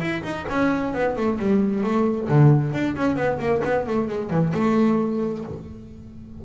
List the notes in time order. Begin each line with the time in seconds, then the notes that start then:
0.00 E4
0.23 D#4
0.49 C#4
0.94 B3
1.16 A3
1.39 G3
1.83 A3
2.29 D3
2.73 D4
2.96 C#4
3.16 B3
3.39 A#3
3.64 B3
3.87 A3
4.08 G#3
4.30 E3
4.54 A3